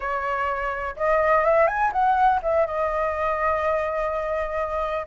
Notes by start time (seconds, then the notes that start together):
0.00 C#5
0.96 D#5
1.44 E5
1.67 G#5
1.92 F#5
2.42 E5
2.66 D#5